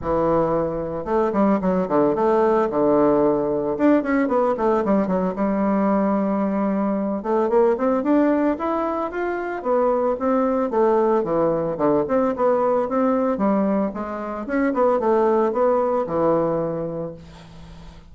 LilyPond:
\new Staff \with { instrumentName = "bassoon" } { \time 4/4 \tempo 4 = 112 e2 a8 g8 fis8 d8 | a4 d2 d'8 cis'8 | b8 a8 g8 fis8 g2~ | g4. a8 ais8 c'8 d'4 |
e'4 f'4 b4 c'4 | a4 e4 d8 c'8 b4 | c'4 g4 gis4 cis'8 b8 | a4 b4 e2 | }